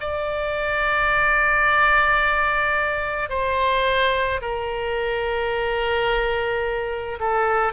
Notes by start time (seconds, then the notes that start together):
0.00 D5
3.30 C5
4.41 A#4
7.20 A4